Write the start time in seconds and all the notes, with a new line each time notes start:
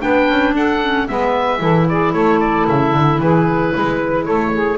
0.00 B3 D4 B4 G5
0.29 C#4
0.54 D4 A4 F#5
0.82 C#4
1.07 G#3 B3 B4 E5
1.58 E3 E4 A4
1.89 G#4 D5
2.13 A3 A4 C#5
2.40 D5
2.68 C#3 E5
2.94 D3
3.19 E3 G#4 B4
3.75 G#3 B4
4.25 A3 A4 C#5
4.54 G#4